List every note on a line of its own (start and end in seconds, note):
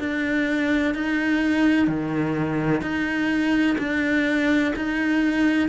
0.00 0.95 D4
0.95 1.88 D#4
1.88 2.82 D#3
2.82 3.77 D#4
3.79 4.74 D4
4.76 5.69 D#4